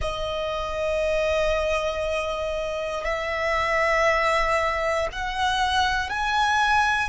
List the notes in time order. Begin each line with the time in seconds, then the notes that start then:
0.01 D#5
3.04 E5
5.11 F#5
6.09 G#5